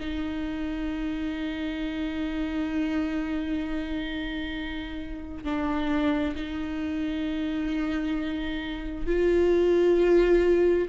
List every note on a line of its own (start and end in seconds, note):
0.00 5.44 D#4
5.44 6.35 D4
6.36 9.07 D#4
9.07 10.88 F4